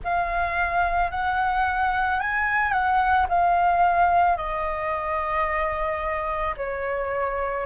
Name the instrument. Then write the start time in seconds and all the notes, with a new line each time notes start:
flute
0.03 F5
1.11 F#5
2.20 G#5
2.72 F#5
3.28 F5
4.36 D#5
6.57 C#5